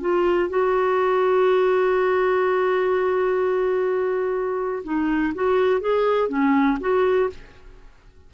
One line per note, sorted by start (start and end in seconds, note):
0.00 0.49 F4
0.49 4.83 F#4
4.83 5.33 D#4
5.34 5.80 F#4
5.80 6.28 G#4
6.28 6.78 C#4
6.80 7.30 F#4